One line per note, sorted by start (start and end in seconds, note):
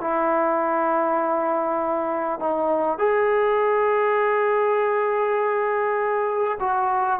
0.00 2.39 E4
2.39 2.98 D#4
2.98 6.58 G#4
6.59 7.19 F#4